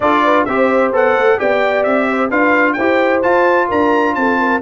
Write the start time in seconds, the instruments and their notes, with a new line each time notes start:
0.00 tuba D4, trombone F4, horn A4, trumpet D5
0.24 horn B4
0.45 tuba C4, trombone G4, horn C5, trumpet E5
0.92 tuba B3, trombone A4, trumpet F#5
1.15 tuba A3
1.37 tuba B3, trombone G4, horn D5, trumpet G5
1.83 tuba C4, trumpet E5
2.10 horn C5
2.29 tuba D4, trombone F4, horn B4, trumpet F5
2.73 tuba E4, horn C5, trumpet G5
2.79 trombone G4
3.22 trombone F4, tuba F4, trumpet A5
3.67 tuba D4, horn A#4, trumpet A#5
4.14 tuba C4, horn A4, trumpet A5
4.39 horn A#4